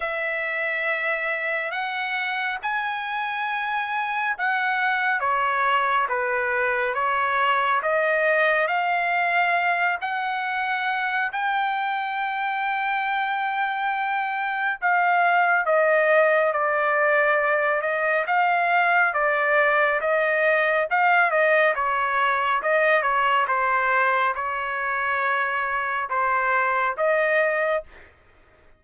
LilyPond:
\new Staff \with { instrumentName = "trumpet" } { \time 4/4 \tempo 4 = 69 e''2 fis''4 gis''4~ | gis''4 fis''4 cis''4 b'4 | cis''4 dis''4 f''4. fis''8~ | fis''4 g''2.~ |
g''4 f''4 dis''4 d''4~ | d''8 dis''8 f''4 d''4 dis''4 | f''8 dis''8 cis''4 dis''8 cis''8 c''4 | cis''2 c''4 dis''4 | }